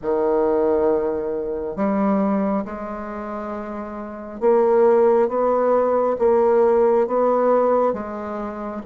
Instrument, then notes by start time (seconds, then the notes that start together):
bassoon
0.02 D#3
1.76 G3
2.64 G#3
4.40 A#3
5.28 B3
6.18 A#3
7.07 B3
7.93 G#3